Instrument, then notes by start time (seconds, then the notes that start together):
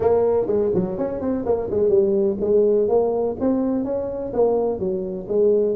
tuba
0.00 A#3
0.46 G#3
0.74 F#3
0.98 C#4
1.20 C4
1.45 A#3
1.70 G#3
1.89 G3
2.40 G#3
2.88 A#3
3.39 C4
3.84 C#4
4.33 A#3
4.79 F#3
5.28 G#3